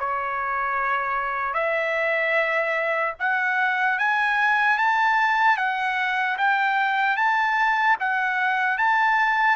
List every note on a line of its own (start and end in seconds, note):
0.00 1.54 C#5
1.54 3.14 E5
3.20 3.99 F#5
3.99 4.78 G#5
4.78 5.57 A5
5.57 6.37 F#5
6.38 7.17 G5
7.17 7.97 A5
8.00 8.78 F#5
8.78 9.57 A5